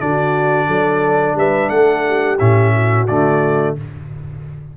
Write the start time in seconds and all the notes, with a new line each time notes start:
0.00 D3 D4 F#4 D5
0.67 F#3 A4
1.36 G3 B4 E5
1.70 A3 A4 F#5
2.08 G4
2.39 A2 C#4 E5
2.75 F#4
3.08 D3 A3 D5